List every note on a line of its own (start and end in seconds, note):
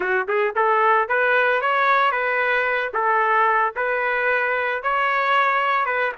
0.00 0.27 F#4
0.28 0.55 G#4
0.55 1.08 A4
1.08 1.61 B4
1.61 2.11 C#5
2.11 2.91 B4
2.93 3.74 A4
3.76 4.83 B4
4.83 5.85 C#5
5.85 6.12 B4